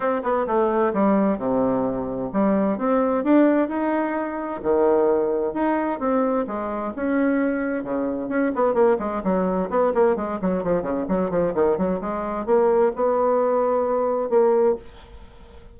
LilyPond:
\new Staff \with { instrumentName = "bassoon" } { \time 4/4 \tempo 4 = 130 c'8 b8 a4 g4 c4~ | c4 g4 c'4 d'4 | dis'2 dis2 | dis'4 c'4 gis4 cis'4~ |
cis'4 cis4 cis'8 b8 ais8 gis8 | fis4 b8 ais8 gis8 fis8 f8 cis8 | fis8 f8 dis8 fis8 gis4 ais4 | b2. ais4 | }